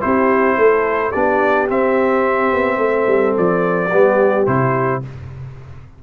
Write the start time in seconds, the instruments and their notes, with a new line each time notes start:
0.00 tuba C4, trombone E4, horn G4, trumpet C5
0.56 tuba A3, horn A4
1.10 tuba B3, trombone D4, horn G4, trumpet D5
1.67 trombone C4, tuba C4, trumpet E5
2.52 tuba B3
2.77 tuba A3, horn A4
3.06 tuba G3
3.37 tuba F3, trumpet D5
3.90 tuba G3, trombone B3, horn G4
4.46 tuba C3, trombone E4, trumpet C5